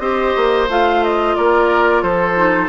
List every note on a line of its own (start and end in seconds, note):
0.00 0.34 C4
0.00 0.68 G4
0.00 1.36 C5
0.00 0.68 D#5
0.37 0.69 A#3
0.69 1.37 A3
0.69 2.37 F4
0.69 1.04 F5
1.04 1.36 D#5
1.36 2.03 A#3
1.36 2.03 A#4
1.36 2.03 D5
2.03 2.69 F3
2.03 2.69 A4
2.03 2.69 C5
2.37 2.69 D#4